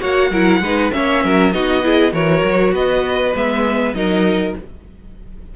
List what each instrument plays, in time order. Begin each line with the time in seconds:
0.00 cello A#3, viola F#4, violin C#5 F#5
0.30 cello F#3, viola E4, violin A#4
0.60 cello G#3, viola D#4, violin B4
0.92 cello A#3, viola C#4, violin C#5 E5
1.24 cello F#3, violin A#4
1.52 cello B3, viola D#4, violin F#4 D#5
1.82 viola E4, violin G#4
2.11 cello E3, viola F#4, violin A#4 C#5
2.44 cello F#3
2.72 cello B3, violin B4 D#5
3.34 cello G#3, viola B3, violin E5
3.93 cello F#3, viola D#4, violin A#4 D#5